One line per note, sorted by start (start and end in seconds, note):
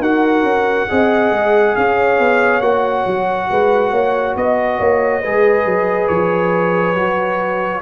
0.00 0.43 D#4
0.00 0.89 F#4
0.00 0.89 A#4
0.00 1.76 F#5
0.43 0.86 C#4
0.89 1.32 C4
0.89 2.61 G#4
0.89 1.76 D#5
1.32 1.75 G#3
1.76 2.19 C#4
1.76 3.50 C#5
1.76 2.61 F5
2.19 2.61 B3
2.61 3.04 A#3
2.61 5.22 F#4
2.61 4.35 F#5
3.06 3.50 F#3
3.50 3.92 G#3
3.50 3.91 B4
3.91 4.35 A#3
3.91 4.34 C#5
4.36 4.80 B3
4.36 6.08 D#5
4.36 4.79 D#5
4.79 5.23 A#3
4.79 5.22 C#5
5.22 5.65 G#3
5.22 6.96 G#4
5.22 7.82 B4
5.65 6.09 F#3
6.08 6.96 F3
6.08 7.82 C#5
6.96 7.82 F#3
6.96 7.82 F#4